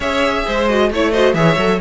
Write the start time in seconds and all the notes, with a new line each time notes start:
0.00 C#4 G#4 C#5 E5
0.46 G#3 C5
0.67 F#4 D#5
0.91 A3 E4 C#5
1.11 F#4 C5 D#5
1.34 E3 G#4 C#5 E5
1.57 F#3 A4